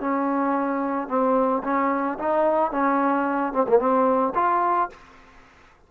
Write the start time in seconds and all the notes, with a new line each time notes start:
0.00 C#4
1.08 C4
1.63 C#4
2.19 D#4
2.71 C#4
3.53 C4
3.68 A#3
3.79 C4
4.35 F4